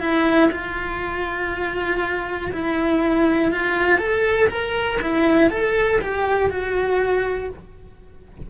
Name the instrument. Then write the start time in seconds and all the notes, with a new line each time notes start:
cello
0.00 E4
0.52 F4
2.52 E4
3.51 F4
3.99 A4
4.50 A#4
5.01 E4
5.50 A4
6.01 G4
6.50 F#4